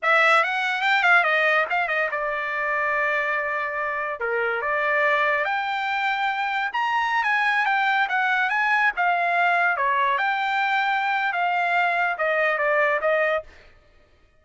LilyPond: \new Staff \with { instrumentName = "trumpet" } { \time 4/4 \tempo 4 = 143 e''4 fis''4 g''8 f''8 dis''4 | f''8 dis''8 d''2.~ | d''2 ais'4 d''4~ | d''4 g''2. |
ais''4~ ais''16 gis''4 g''4 fis''8.~ | fis''16 gis''4 f''2 cis''8.~ | cis''16 g''2~ g''8. f''4~ | f''4 dis''4 d''4 dis''4 | }